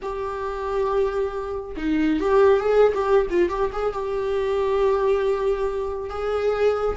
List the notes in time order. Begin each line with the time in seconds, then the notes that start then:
0.01 G4
1.76 D#4
2.20 G4
2.60 G#4
2.94 G4
3.29 F4
3.49 G4
3.72 G#4
3.92 G4
6.09 G#4